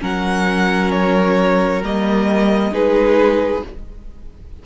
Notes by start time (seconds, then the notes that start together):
0.00 F#3 C#4 A#4 F#5
0.92 C#5
1.83 G3 A#3 D#5
2.72 G#3 D#4 G#4 B4